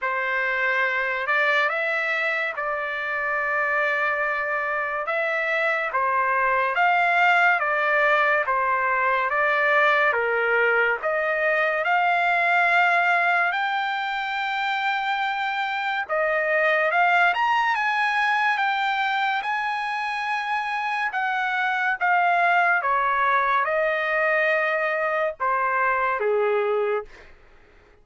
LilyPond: \new Staff \with { instrumentName = "trumpet" } { \time 4/4 \tempo 4 = 71 c''4. d''8 e''4 d''4~ | d''2 e''4 c''4 | f''4 d''4 c''4 d''4 | ais'4 dis''4 f''2 |
g''2. dis''4 | f''8 ais''8 gis''4 g''4 gis''4~ | gis''4 fis''4 f''4 cis''4 | dis''2 c''4 gis'4 | }